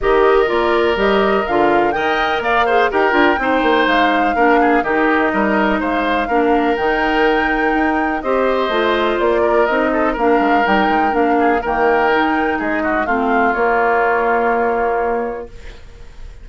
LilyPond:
<<
  \new Staff \with { instrumentName = "flute" } { \time 4/4 \tempo 4 = 124 dis''4 d''4 dis''4 f''4 | g''4 f''4 g''2 | f''2 dis''2 | f''2 g''2~ |
g''4 dis''2 d''4 | dis''4 f''4 g''4 f''4 | g''2 dis''4 f''4 | cis''1 | }
  \new Staff \with { instrumentName = "oboe" } { \time 4/4 ais'1 | dis''4 d''8 c''8 ais'4 c''4~ | c''4 ais'8 gis'8 g'4 ais'4 | c''4 ais'2.~ |
ais'4 c''2~ c''8 ais'8~ | ais'8 a'8 ais'2~ ais'8 gis'8 | ais'2 gis'8 fis'8 f'4~ | f'1 | }
  \new Staff \with { instrumentName = "clarinet" } { \time 4/4 g'4 f'4 g'4 f'4 | ais'4. gis'8 g'8 f'8 dis'4~ | dis'4 d'4 dis'2~ | dis'4 d'4 dis'2~ |
dis'4 g'4 f'2 | dis'4 d'4 dis'4 d'4 | ais4 dis'2 c'4 | ais1 | }
  \new Staff \with { instrumentName = "bassoon" } { \time 4/4 dis4 ais4 g4 d4 | dis4 ais4 dis'8 d'8 c'8 ais8 | gis4 ais4 dis4 g4 | gis4 ais4 dis2 |
dis'4 c'4 a4 ais4 | c'4 ais8 gis8 g8 gis8 ais4 | dis2 gis4 a4 | ais1 | }
>>